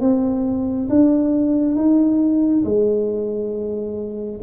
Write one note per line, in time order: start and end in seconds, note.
0.00 0.88 C4
0.89 1.75 D4
1.75 2.64 D#4
2.65 4.41 G#3